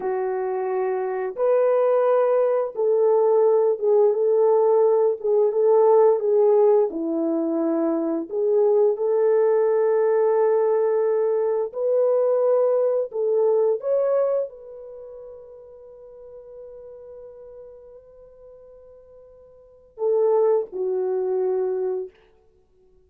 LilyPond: \new Staff \with { instrumentName = "horn" } { \time 4/4 \tempo 4 = 87 fis'2 b'2 | a'4. gis'8 a'4. gis'8 | a'4 gis'4 e'2 | gis'4 a'2.~ |
a'4 b'2 a'4 | cis''4 b'2.~ | b'1~ | b'4 a'4 fis'2 | }